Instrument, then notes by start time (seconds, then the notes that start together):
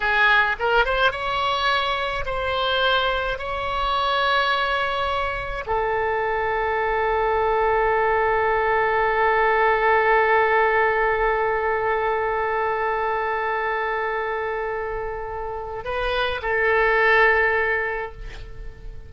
oboe
0.00 G#4
0.59 A#4
0.85 C5
1.11 C#5
2.25 C5
3.38 C#5
5.66 A4
15.84 B4
16.42 A4